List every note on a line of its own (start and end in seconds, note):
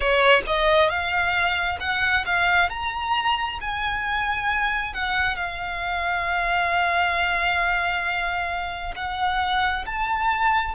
0.00 0.42 C#5
0.46 0.89 D#5
0.89 1.78 F5
1.80 2.24 F#5
2.26 2.69 F5
2.69 3.59 A#5
3.61 4.93 G#5
4.93 5.36 F#5
5.36 8.94 F5
8.95 9.85 F#5
9.85 10.74 A5